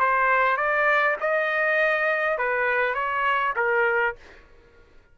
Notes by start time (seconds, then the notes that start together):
0.00 C5
0.57 D5
1.21 D#5
2.38 B4
2.95 C#5
3.56 A#4